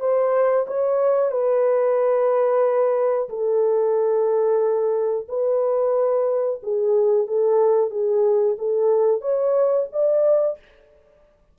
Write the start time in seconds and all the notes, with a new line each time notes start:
0.00 C5
0.67 C#5
1.31 B4
3.29 A4
5.28 B4
6.63 G#4
7.27 A4
7.90 G#4
8.58 A4
9.21 C#5
9.92 D5